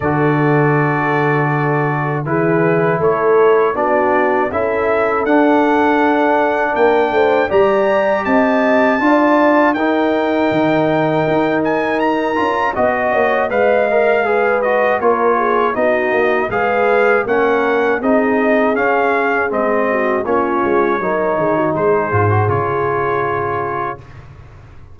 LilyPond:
<<
  \new Staff \with { instrumentName = "trumpet" } { \time 4/4 \tempo 4 = 80 d''2. b'4 | cis''4 d''4 e''4 fis''4~ | fis''4 g''4 ais''4 a''4~ | a''4 g''2~ g''8 gis''8 |
ais''4 dis''4 f''4. dis''8 | cis''4 dis''4 f''4 fis''4 | dis''4 f''4 dis''4 cis''4~ | cis''4 c''4 cis''2 | }
  \new Staff \with { instrumentName = "horn" } { \time 4/4 a'2. gis'4 | a'4 fis'4 a'2~ | a'4 ais'8 c''8 d''4 dis''4 | d''4 ais'2.~ |
ais'4 dis''8 cis''8 dis''4 b'4 | ais'8 gis'8 fis'4 b'4 ais'4 | gis'2~ gis'8 fis'8 f'4 | ais'8 gis'16 fis'16 gis'2. | }
  \new Staff \with { instrumentName = "trombone" } { \time 4/4 fis'2. e'4~ | e'4 d'4 e'4 d'4~ | d'2 g'2 | f'4 dis'2.~ |
dis'8 f'8 fis'4 b'8 ais'8 gis'8 fis'8 | f'4 dis'4 gis'4 cis'4 | dis'4 cis'4 c'4 cis'4 | dis'4. f'16 fis'16 f'2 | }
  \new Staff \with { instrumentName = "tuba" } { \time 4/4 d2. e4 | a4 b4 cis'4 d'4~ | d'4 ais8 a8 g4 c'4 | d'4 dis'4 dis4 dis'4~ |
dis'8 cis'8 b8 ais8 gis2 | ais4 b8 ais8 gis4 ais4 | c'4 cis'4 gis4 ais8 gis8 | fis8 dis8 gis8 gis,8 cis2 | }
>>